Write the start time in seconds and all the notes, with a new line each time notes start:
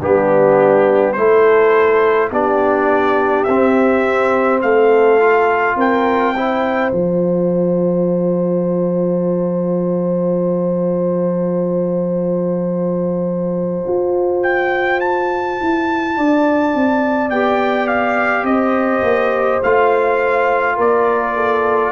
0.00 G3 B3 D4 G4
1.13 A3 E4 A4 C5
2.31 B3 D4 G4 D5
3.44 C4 E5
4.62 A3 A4 F5
5.20 F4
5.76 C4 A#4 G5
6.37 E4 C5
6.92 F3 F4 A5
13.87 F4
14.43 G5
15.01 A5
15.61 E4
16.17 D4 D5
16.75 C4
17.30 B3 G4 G5
17.88 F5
18.44 C4 C5 D#5
19.03 A#3
19.63 A3 F4 F5
20.77 A#3 A#4 D5
21.36 A4